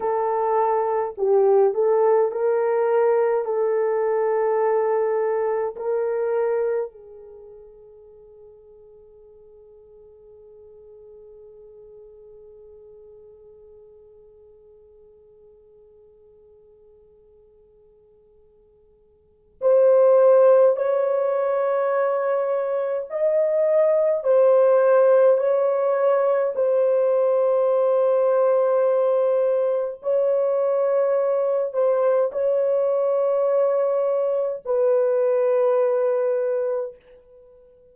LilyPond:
\new Staff \with { instrumentName = "horn" } { \time 4/4 \tempo 4 = 52 a'4 g'8 a'8 ais'4 a'4~ | a'4 ais'4 gis'2~ | gis'1~ | gis'1~ |
gis'4 c''4 cis''2 | dis''4 c''4 cis''4 c''4~ | c''2 cis''4. c''8 | cis''2 b'2 | }